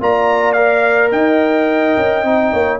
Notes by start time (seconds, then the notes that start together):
0.00 A#3 F4 D5 A#5
0.52 A#4 F5
1.11 D#4 D#5 G5
1.96 C#4
2.24 C4 D#4
2.52 A#3 C#5